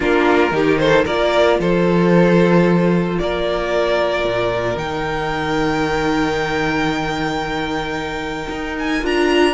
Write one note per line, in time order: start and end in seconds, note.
0.00 0.51 A#3
0.00 0.51 D4
0.00 0.52 F4
0.00 0.78 A#4
0.51 1.04 D#3
0.51 1.06 D#4
0.51 0.80 G4
0.78 1.04 A4
0.78 1.04 C5
1.04 1.59 A#3
1.04 4.75 F4
1.04 1.57 A#4
1.04 1.59 D5
1.59 3.18 F3
1.59 3.19 A4
1.59 3.19 C5
3.19 4.24 A#3
3.19 9.54 A#4
3.19 4.78 D5
4.24 4.76 A#2
4.75 8.47 D#3
4.75 9.00 D#4
4.75 8.76 G5
8.49 9.02 D#4
8.79 9.05 G#5
9.02 9.54 D4
9.02 9.54 F4
9.02 9.54 A#5